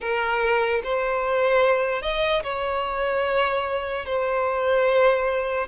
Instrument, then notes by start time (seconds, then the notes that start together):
violin
0.00 A#4
0.83 C5
2.02 D#5
2.43 C#5
4.05 C5